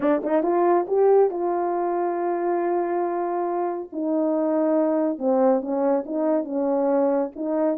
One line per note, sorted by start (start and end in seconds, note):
0.00 0.22 D4
0.23 0.42 D#4
0.42 0.86 F4
0.87 1.30 G4
1.30 3.89 F4
3.92 5.18 D#4
5.18 5.61 C4
5.61 6.04 C#4
6.05 6.44 D#4
6.44 7.30 C#4
7.35 7.77 D#4